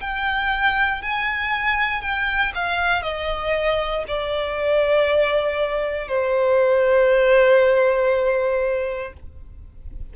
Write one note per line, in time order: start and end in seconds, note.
0.00 1.02 G5
1.02 2.02 G#5
2.02 2.52 G5
2.54 3.02 F5
3.02 4.04 D#5
4.07 6.08 D5
6.08 9.13 C5